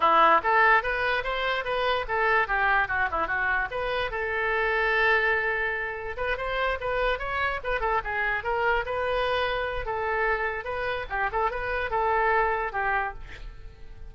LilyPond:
\new Staff \with { instrumentName = "oboe" } { \time 4/4 \tempo 4 = 146 e'4 a'4 b'4 c''4 | b'4 a'4 g'4 fis'8 e'8 | fis'4 b'4 a'2~ | a'2. b'8 c''8~ |
c''8 b'4 cis''4 b'8 a'8 gis'8~ | gis'8 ais'4 b'2~ b'8 | a'2 b'4 g'8 a'8 | b'4 a'2 g'4 | }